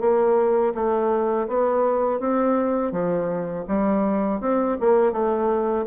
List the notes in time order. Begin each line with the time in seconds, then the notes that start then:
0.00 A#3
0.74 A3
1.47 B3
2.20 C4
2.92 F3
3.67 G3
4.40 C4
4.80 A#3
5.12 A3